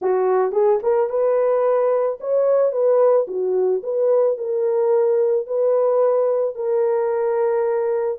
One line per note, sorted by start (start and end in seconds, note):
0.01 0.52 F#4
0.52 0.79 G#4
0.82 1.09 A#4
1.09 2.18 B4
2.20 2.71 C#5
2.71 3.26 B4
3.27 3.82 F#4
3.83 4.37 B4
4.37 5.46 A#4
5.46 6.55 B4
6.55 8.18 A#4